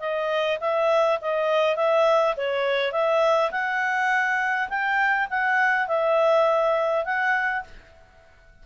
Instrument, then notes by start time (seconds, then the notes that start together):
clarinet
0.00 D#5
0.61 E5
1.21 D#5
1.76 E5
2.37 C#5
2.92 E5
3.52 F#5
4.70 G5
5.31 F#5
5.88 E5
7.05 F#5